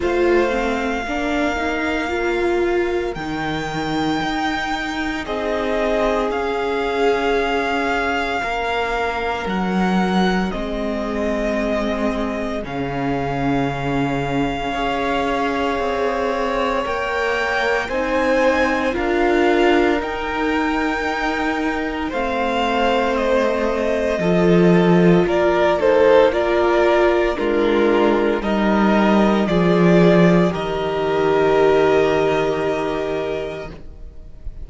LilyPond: <<
  \new Staff \with { instrumentName = "violin" } { \time 4/4 \tempo 4 = 57 f''2. g''4~ | g''4 dis''4 f''2~ | f''4 fis''4 dis''2 | f''1 |
g''4 gis''4 f''4 g''4~ | g''4 f''4 dis''2 | d''8 c''8 d''4 ais'4 dis''4 | d''4 dis''2. | }
  \new Staff \with { instrumentName = "violin" } { \time 4/4 c''4 ais'2.~ | ais'4 gis'2. | ais'2 gis'2~ | gis'2 cis''2~ |
cis''4 c''4 ais'2~ | ais'4 c''2 a'4 | ais'8 a'8 ais'4 f'4 ais'4 | gis'4 ais'2. | }
  \new Staff \with { instrumentName = "viola" } { \time 4/4 f'8 c'8 d'8 dis'8 f'4 dis'4~ | dis'2 cis'2~ | cis'2 c'2 | cis'2 gis'2 |
ais'4 dis'4 f'4 dis'4~ | dis'4 c'2 f'4~ | f'8 dis'8 f'4 d'4 dis'4 | f'4 g'2. | }
  \new Staff \with { instrumentName = "cello" } { \time 4/4 a4 ais2 dis4 | dis'4 c'4 cis'2 | ais4 fis4 gis2 | cis2 cis'4 c'4 |
ais4 c'4 d'4 dis'4~ | dis'4 a2 f4 | ais2 gis4 g4 | f4 dis2. | }
>>